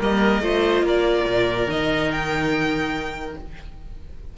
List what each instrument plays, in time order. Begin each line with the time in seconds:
0.00 cello G3, viola A#3, oboe A#4, violin D#5
0.41 cello A3, viola F4, oboe C5
0.83 cello A#3, oboe A#4, violin D5
1.26 cello A#2
1.67 cello D#3, viola D#4, violin D#5
2.11 violin G5